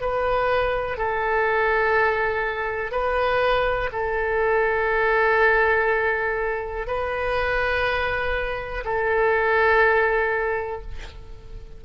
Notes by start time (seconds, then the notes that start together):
0.00 B4
0.97 A4
2.91 B4
3.92 A4
6.87 B4
8.84 A4